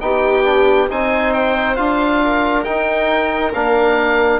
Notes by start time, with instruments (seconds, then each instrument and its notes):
0.00 bassoon B3, trombone D#4, viola G4, oboe G5
0.44 trombone D4
0.89 bassoon C4, trombone D#4, viola C5, oboe G#5
1.33 oboe G5
1.76 bassoon D4, trombone F4, oboe F5
2.24 viola A#4
2.64 trombone D#4, bassoon D#4, oboe G5
3.53 bassoon A#3, trombone D4, oboe F5